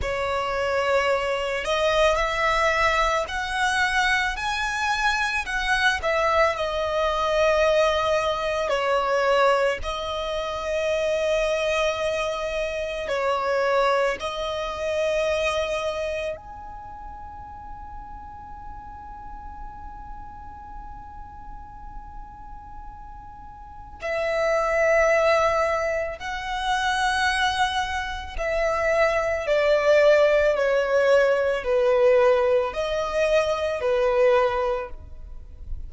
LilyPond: \new Staff \with { instrumentName = "violin" } { \time 4/4 \tempo 4 = 55 cis''4. dis''8 e''4 fis''4 | gis''4 fis''8 e''8 dis''2 | cis''4 dis''2. | cis''4 dis''2 gis''4~ |
gis''1~ | gis''2 e''2 | fis''2 e''4 d''4 | cis''4 b'4 dis''4 b'4 | }